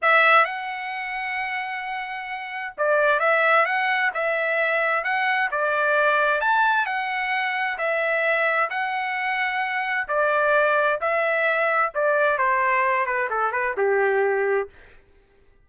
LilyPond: \new Staff \with { instrumentName = "trumpet" } { \time 4/4 \tempo 4 = 131 e''4 fis''2.~ | fis''2 d''4 e''4 | fis''4 e''2 fis''4 | d''2 a''4 fis''4~ |
fis''4 e''2 fis''4~ | fis''2 d''2 | e''2 d''4 c''4~ | c''8 b'8 a'8 b'8 g'2 | }